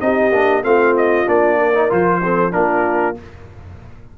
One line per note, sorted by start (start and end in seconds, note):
0.00 0.32 C4
0.00 0.32 D#4
0.00 0.65 G4
0.00 0.63 D#5
0.32 0.63 A#3
0.32 0.63 D4
0.63 1.26 A3
0.63 1.26 C4
0.63 1.58 F4
0.63 0.95 F5
0.97 1.29 D#5
1.26 1.91 A#3
1.26 1.73 D4
1.26 1.92 D5
1.58 2.21 A#4
1.74 1.90 D#4
1.90 2.55 F3
1.90 2.22 F4
1.90 2.53 C5
2.22 2.52 C4
2.22 2.54 A4
2.52 3.18 A#3
2.52 3.15 D4
2.52 3.18 F4
2.52 3.16 A#4